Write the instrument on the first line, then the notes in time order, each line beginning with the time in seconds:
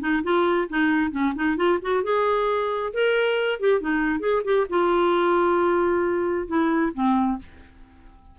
clarinet
0.00 D#4
0.23 F4
0.69 D#4
1.11 C#4
1.35 D#4
1.56 F4
1.82 F#4
2.03 G#4
2.93 A#4
3.60 G4
3.80 D#4
4.20 G#4
4.44 G4
4.69 F4
6.47 E4
6.94 C4